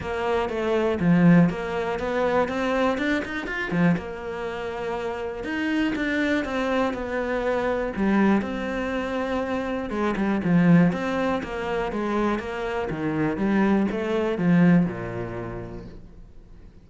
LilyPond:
\new Staff \with { instrumentName = "cello" } { \time 4/4 \tempo 4 = 121 ais4 a4 f4 ais4 | b4 c'4 d'8 dis'8 f'8 f8 | ais2. dis'4 | d'4 c'4 b2 |
g4 c'2. | gis8 g8 f4 c'4 ais4 | gis4 ais4 dis4 g4 | a4 f4 ais,2 | }